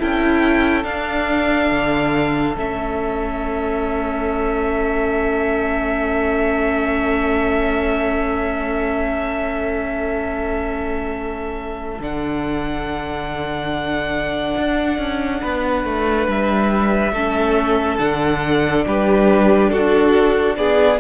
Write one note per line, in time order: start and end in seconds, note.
0.00 0.84 C#4
0.00 0.84 E4
0.00 15.42 A4
0.00 0.84 G5
0.84 2.56 D4
0.84 1.70 D4
0.84 2.56 F5
1.71 2.57 D3
2.57 12.00 A3
2.57 12.00 C#4
2.57 12.02 E5
12.00 14.57 D3
12.00 17.15 D4
12.00 16.31 F#5
14.57 14.99 D4
14.99 15.41 C#4
15.42 15.85 B3
15.42 17.13 B4
15.85 16.28 A3
16.28 17.13 G3
16.28 17.99 E5
17.13 17.98 A3
17.13 17.99 C#4
17.13 18.85 A4
17.99 18.86 D3
17.99 20.99 D4
17.99 18.85 F#5
18.86 19.72 G3
18.86 19.72 G4
18.86 19.70 B4
19.70 20.57 D4
19.70 20.57 F#4
19.70 20.56 A4
20.57 21.00 B3
20.57 21.01 G#4
20.57 20.99 D5